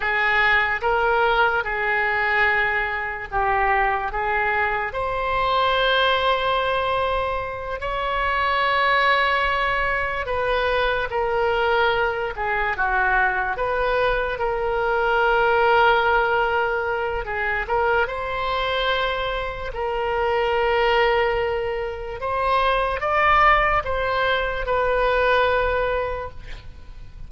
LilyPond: \new Staff \with { instrumentName = "oboe" } { \time 4/4 \tempo 4 = 73 gis'4 ais'4 gis'2 | g'4 gis'4 c''2~ | c''4. cis''2~ cis''8~ | cis''8 b'4 ais'4. gis'8 fis'8~ |
fis'8 b'4 ais'2~ ais'8~ | ais'4 gis'8 ais'8 c''2 | ais'2. c''4 | d''4 c''4 b'2 | }